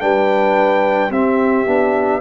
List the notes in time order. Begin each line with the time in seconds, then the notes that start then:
0.00 G3 D4 B4 G5
1.10 C4 G4 E5
1.66 B3 D4